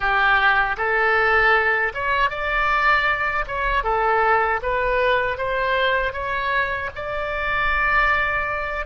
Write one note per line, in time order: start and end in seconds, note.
0.00 0.76 G4
0.77 1.92 A4
1.94 2.29 C#5
2.29 3.45 D5
3.47 3.83 C#5
3.83 4.60 A4
4.62 5.37 B4
5.37 6.13 C5
6.13 6.90 C#5
6.95 8.85 D5